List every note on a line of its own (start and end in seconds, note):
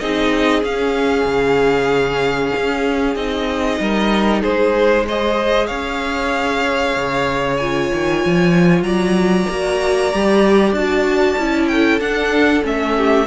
0.00 0.64 C4
0.00 0.63 D#4
0.00 3.81 G#4
0.00 0.63 D#5
0.63 3.16 C#4
0.63 1.25 C#4
0.63 3.16 F5
1.25 2.52 C#3
2.57 3.16 C#4
3.16 3.79 C4
3.16 5.06 D#4
3.16 4.42 D#5
3.80 4.43 G3
3.80 4.42 A#4
4.42 5.71 G#3
4.42 5.05 G#4
4.42 5.06 C5
5.07 7.61 G#4
5.07 5.67 C5
5.07 5.67 D#5
5.67 6.97 C#4
5.67 8.83 C#5
5.67 7.56 F5
6.97 7.92 C#3
7.57 9.50 F4
7.57 8.83 G#5
7.93 8.25 D#3
8.25 8.82 F3
8.82 9.46 F#3
8.82 11.70 D5
8.82 10.73 A#5
9.50 10.13 A#3
9.50 10.13 F#4
10.13 10.73 G3
10.13 10.76 G4
10.73 11.36 D4
10.73 11.40 F#4
10.73 11.68 A5
11.38 12.01 C#4
11.38 12.00 E4
11.68 12.97 A4
11.68 12.00 G5
12.00 12.63 D4
12.00 12.64 D4
12.00 12.64 F#5
12.63 13.27 A3
12.63 13.26 C#4
12.63 13.27 E5
12.97 13.27 G4